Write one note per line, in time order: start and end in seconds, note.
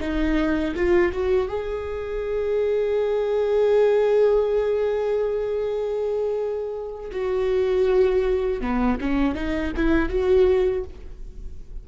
0.00 0.75 D#4
0.75 1.12 F4
1.12 1.48 F#4
1.48 7.11 G#4
7.11 8.61 F#4
8.61 8.99 B3
9.00 9.35 C#4
9.35 9.72 D#4
9.76 10.09 E4
10.09 10.84 F#4